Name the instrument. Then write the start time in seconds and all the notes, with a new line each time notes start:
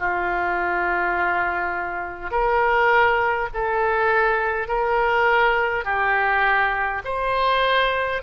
oboe
0.00 F4
2.32 A#4
3.55 A4
4.68 A#4
5.85 G4
7.05 C5